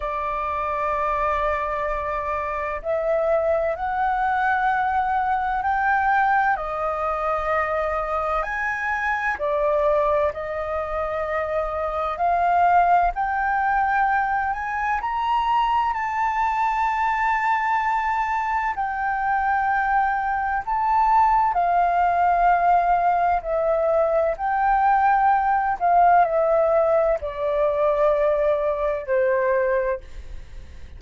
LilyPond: \new Staff \with { instrumentName = "flute" } { \time 4/4 \tempo 4 = 64 d''2. e''4 | fis''2 g''4 dis''4~ | dis''4 gis''4 d''4 dis''4~ | dis''4 f''4 g''4. gis''8 |
ais''4 a''2. | g''2 a''4 f''4~ | f''4 e''4 g''4. f''8 | e''4 d''2 c''4 | }